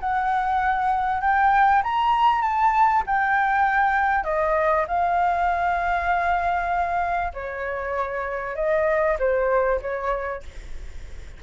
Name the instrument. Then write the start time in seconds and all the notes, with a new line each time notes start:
flute
0.00 F#5
1.21 G5
1.83 A#5
2.42 A5
3.07 G5
4.24 D#5
4.88 F5
7.34 C#5
8.56 D#5
9.19 C5
9.82 C#5